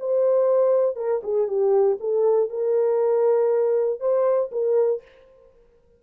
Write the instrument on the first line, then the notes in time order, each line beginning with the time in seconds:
horn
0.00 C5
0.96 A#4
1.24 G#4
1.48 G4
2.01 A4
2.50 A#4
4.01 C5
4.52 A#4